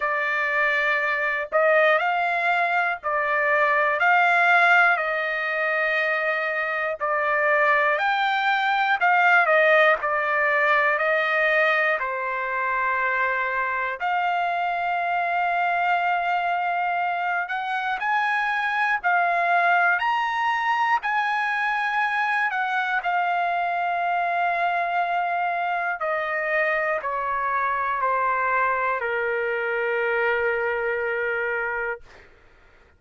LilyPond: \new Staff \with { instrumentName = "trumpet" } { \time 4/4 \tempo 4 = 60 d''4. dis''8 f''4 d''4 | f''4 dis''2 d''4 | g''4 f''8 dis''8 d''4 dis''4 | c''2 f''2~ |
f''4. fis''8 gis''4 f''4 | ais''4 gis''4. fis''8 f''4~ | f''2 dis''4 cis''4 | c''4 ais'2. | }